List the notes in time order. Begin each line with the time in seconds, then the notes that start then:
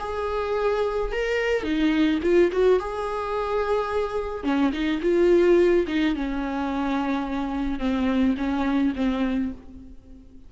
0.00 G#4
1.12 A#4
1.63 D#4
2.23 F4
2.52 F#4
2.80 G#4
4.44 C#4
4.73 D#4
5.02 F4
5.88 D#4
6.16 C#4
7.79 C4
8.37 C#4
8.96 C4